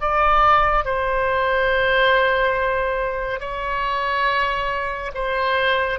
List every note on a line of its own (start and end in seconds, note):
0.00 0.85 D5
0.85 3.40 C5
3.40 5.11 C#5
5.14 5.99 C5